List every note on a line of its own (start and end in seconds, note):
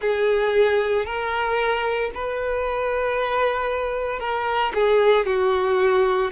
0.01 1.05 G#4
1.05 2.11 A#4
2.14 4.19 B4
4.19 4.72 A#4
4.74 5.25 G#4
5.25 6.31 F#4